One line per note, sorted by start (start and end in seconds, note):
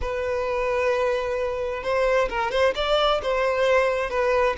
0.01 1.83 B4
1.83 2.29 C5
2.29 2.51 A#4
2.51 2.74 C5
2.75 3.21 D5
3.22 4.10 C5
4.10 4.56 B4